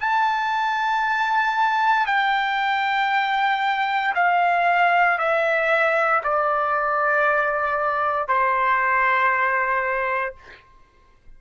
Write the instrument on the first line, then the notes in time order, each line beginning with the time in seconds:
trumpet
0.00 A5
2.06 G5
4.15 F5
5.19 E5
6.24 D5
8.28 C5